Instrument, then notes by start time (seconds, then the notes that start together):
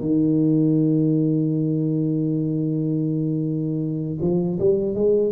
tuba
0.00 D#3
4.20 F3
4.59 G3
4.94 G#3